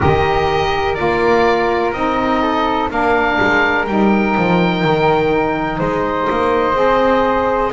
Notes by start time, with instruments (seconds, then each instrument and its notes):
0.00 double bass D#3, saxophone G4, flute A#4, oboe D#5
0.94 double bass A#3, saxophone F4, oboe D5
1.93 double bass C4, saxophone D#4, oboe D#5
2.42 flute A4
2.89 double bass A#3, saxophone D4, flute A#4, oboe F5
3.40 double bass G#3
3.86 double bass G3, saxophone D#4, oboe G5
4.37 double bass F3
4.84 double bass D#3
5.78 double bass G#3, flute C5, oboe D#5
6.30 double bass A#3
6.74 double bass C4, saxophone G#4